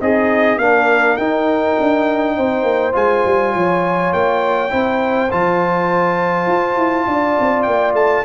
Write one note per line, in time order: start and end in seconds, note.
0.00 0.57 C4
0.00 0.59 D#4
0.00 0.60 G#4
0.00 0.58 D#5
0.57 1.16 A#3
0.57 1.19 D4
0.57 2.36 A#4
0.57 1.16 F5
1.16 1.76 D#4
1.16 2.92 D#4
1.16 2.93 G5
1.80 2.37 D4
2.36 2.62 C4
2.36 3.54 C5
2.62 2.92 A#3
2.92 3.24 G#3
2.92 4.69 F4
2.92 4.12 G#5
3.25 3.54 G3
3.54 4.13 F3
3.54 4.71 C#5
4.13 4.71 A#3
4.13 5.30 G5
4.70 5.31 C4
4.70 5.28 E4
4.70 7.07 C5
5.31 6.47 F3
5.31 8.24 F4
5.31 7.62 A5
6.47 6.76 F4
6.76 7.06 E4
7.07 7.36 D4
7.07 8.24 D5
7.39 7.66 C4
7.62 7.93 A#3
7.62 7.91 G5
7.93 8.23 A3
7.93 8.24 A5